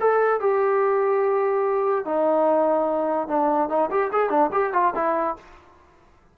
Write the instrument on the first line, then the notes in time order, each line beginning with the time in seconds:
trombone
0.00 A4
0.40 G4
2.05 D#4
3.28 D4
3.69 D#4
3.90 G4
4.12 G#4
4.30 D4
4.52 G4
4.73 F4
4.95 E4